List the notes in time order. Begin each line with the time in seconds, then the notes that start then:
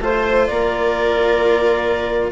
0.00 A3 F4 C5
0.46 A#3 A#4 D5